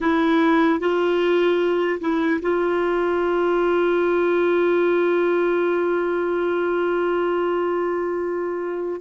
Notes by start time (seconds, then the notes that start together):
0.00 E4
0.79 F4
2.00 E4
2.41 F4